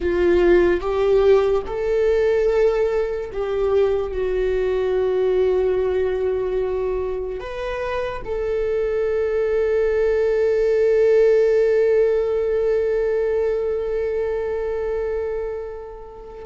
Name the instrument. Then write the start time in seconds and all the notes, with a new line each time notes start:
viola
0.00 F4
0.80 G4
1.66 A4
3.32 G4
4.12 F#4
7.40 B4
8.24 A4